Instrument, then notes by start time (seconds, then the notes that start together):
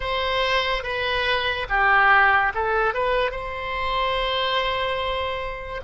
oboe
0.00 C5
0.83 B4
1.69 G4
2.54 A4
2.94 B4
3.31 C5